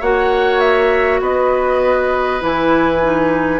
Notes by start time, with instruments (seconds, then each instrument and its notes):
0.00 bassoon A#3, clarinet F#4, oboe C#5, flute F#5
0.59 flute E5
1.20 bassoon B3, oboe B4, flute D#5
2.41 bassoon E3, clarinet E4, flute G#5
3.02 clarinet D#4